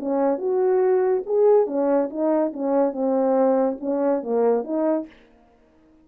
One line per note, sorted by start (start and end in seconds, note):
0.00 0.38 C#4
0.38 1.24 F#4
1.26 1.67 G#4
1.67 2.10 C#4
2.10 2.53 D#4
2.54 2.93 C#4
2.93 3.78 C4
3.81 4.23 C#4
4.23 4.64 A#3
4.64 5.07 D#4